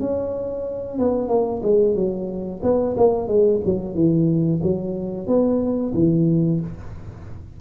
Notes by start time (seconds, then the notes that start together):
0.00 C#4
0.99 B3
1.28 A#3
1.62 G#3
1.95 F#3
2.63 B3
2.97 A#3
3.28 G#3
3.65 F#3
3.95 E3
4.63 F#3
5.27 B3
5.94 E3